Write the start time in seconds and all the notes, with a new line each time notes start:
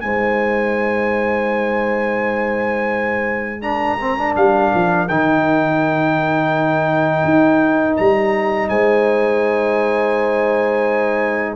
0.00 G#3 D#4 C5 G#5
3.61 D4 A#4 A#5
4.00 C4
4.17 D4
4.36 G3 F5
4.74 F3
5.08 D#3 D#4 G5
7.23 D#4
7.96 G3 A#5
8.69 G#3 C5 G#5